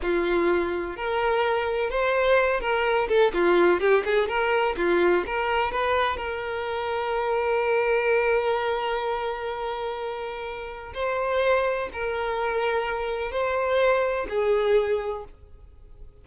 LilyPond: \new Staff \with { instrumentName = "violin" } { \time 4/4 \tempo 4 = 126 f'2 ais'2 | c''4. ais'4 a'8 f'4 | g'8 gis'8 ais'4 f'4 ais'4 | b'4 ais'2.~ |
ais'1~ | ais'2. c''4~ | c''4 ais'2. | c''2 gis'2 | }